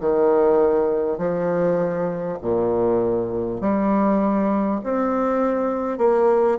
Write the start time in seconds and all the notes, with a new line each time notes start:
0.00 D#3
1.18 F3
2.42 A#2
3.61 G3
4.84 C4
5.98 A#3